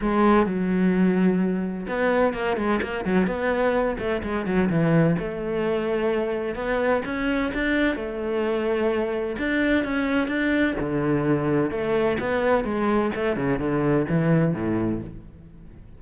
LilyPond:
\new Staff \with { instrumentName = "cello" } { \time 4/4 \tempo 4 = 128 gis4 fis2. | b4 ais8 gis8 ais8 fis8 b4~ | b8 a8 gis8 fis8 e4 a4~ | a2 b4 cis'4 |
d'4 a2. | d'4 cis'4 d'4 d4~ | d4 a4 b4 gis4 | a8 cis8 d4 e4 a,4 | }